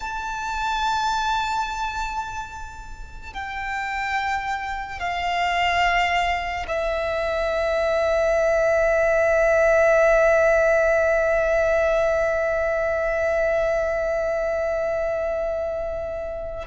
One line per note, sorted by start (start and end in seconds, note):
0.00 3.33 A5
3.33 4.99 G5
4.99 6.66 F5
6.67 16.67 E5